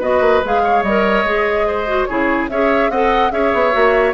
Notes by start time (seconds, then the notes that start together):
0.00 B3 F#4 B4 D#5
0.21 A#3
0.44 G#3 G#4 F5
0.63 C#5
0.83 G3 A#4 D#5
1.24 G#3 G#4
1.67 C5
1.87 F#4
2.05 C#3 E4 G#4 C#5
2.49 C#4 G#4 C#5 E5
2.90 C4 A4 D#5 F#5
3.31 C#4 G#4 C#5 E5
3.54 B3
3.72 A#3 F#4